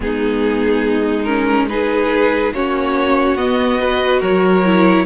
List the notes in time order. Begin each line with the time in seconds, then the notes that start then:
0.00 G#3 B3 D#4 G#4
1.23 C#4 A#4
1.68 D#4 G#4 B4
2.52 A#3 C#4 F#4 C#5
3.36 B3 D#5
3.78 F#4 B4
4.20 F#3 A#4 C#5
4.65 E4